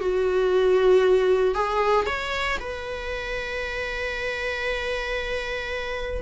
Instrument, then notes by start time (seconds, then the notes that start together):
viola
0.00 F#4
1.54 G#4
2.06 C#5
2.60 B4